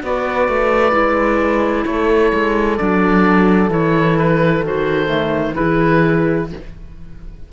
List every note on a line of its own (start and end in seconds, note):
0.00 0.48 B3
0.00 0.91 F#4
0.00 1.86 B4
0.00 1.85 D5
0.48 0.92 A3
0.91 1.85 G#3
0.91 2.76 E4
1.85 2.32 A3
1.85 5.55 A4
1.85 2.77 C#5
2.33 2.79 G#3
2.77 3.69 F#3
2.77 3.70 D4
2.77 3.69 D5
3.69 4.62 E3
3.69 4.62 E4
3.69 4.18 C#5
4.18 4.64 B4
4.62 5.55 D#3
4.62 5.06 F#4
4.62 5.55 C5
5.06 5.52 A3
5.53 6.45 E4
5.53 6.49 G#4
5.53 6.47 B4
5.60 6.52 E3